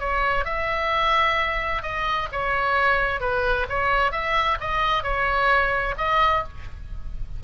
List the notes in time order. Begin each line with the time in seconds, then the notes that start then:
0.00 C#5
0.45 E5
1.83 D#5
2.33 C#5
3.21 B4
3.70 C#5
4.12 E5
4.61 D#5
5.04 C#5
5.98 D#5